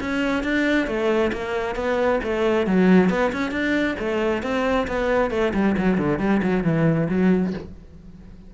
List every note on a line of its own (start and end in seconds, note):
0.00 0.43 C#4
0.43 0.87 D4
0.87 1.31 A3
1.33 1.75 A#3
1.75 2.20 B3
2.23 2.66 A3
2.66 3.10 F#3
3.10 3.32 B3
3.32 3.51 C#4
3.51 3.95 D4
3.99 4.42 A3
4.42 4.87 C4
4.87 5.31 B3
5.31 5.53 A3
5.54 5.76 G3
5.78 5.98 F#3
5.98 6.19 D3
6.19 6.41 G3
6.43 6.63 F#3
6.63 7.08 E3
7.09 7.53 F#3